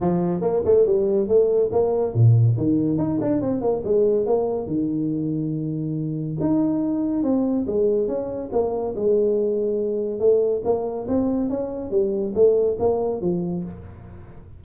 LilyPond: \new Staff \with { instrumentName = "tuba" } { \time 4/4 \tempo 4 = 141 f4 ais8 a8 g4 a4 | ais4 ais,4 dis4 dis'8 d'8 | c'8 ais8 gis4 ais4 dis4~ | dis2. dis'4~ |
dis'4 c'4 gis4 cis'4 | ais4 gis2. | a4 ais4 c'4 cis'4 | g4 a4 ais4 f4 | }